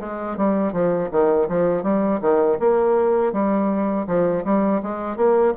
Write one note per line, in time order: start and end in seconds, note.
0.00 0.37 G#3
0.37 0.72 G3
0.72 1.09 F3
1.11 1.48 D#3
1.48 1.83 F3
1.83 2.20 G3
2.21 2.58 D#3
2.60 3.33 A#3
3.33 4.07 G3
4.07 4.44 F3
4.44 4.81 G3
4.82 5.16 G#3
5.16 5.54 A#3